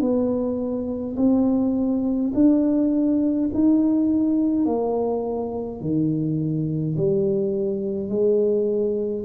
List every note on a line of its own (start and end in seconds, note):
0.00 1.15 B3
1.16 2.31 C4
2.34 3.49 D4
3.53 4.65 D#4
4.65 5.81 A#3
5.81 6.96 D#3
6.97 8.08 G3
8.08 9.24 G#3